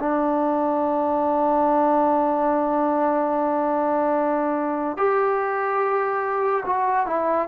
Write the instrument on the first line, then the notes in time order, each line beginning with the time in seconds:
trombone
0.00 D4
4.97 G4
6.66 F#4
7.07 E4